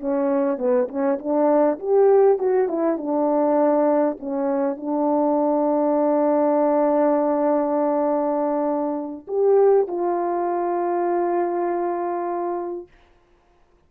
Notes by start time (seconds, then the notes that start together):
0.00 C#4
0.58 B3
0.88 C#4
1.19 D4
1.79 G4
2.38 F#4
2.68 E4
2.98 D4
4.19 C#4
4.77 D4
9.27 G4
9.88 F4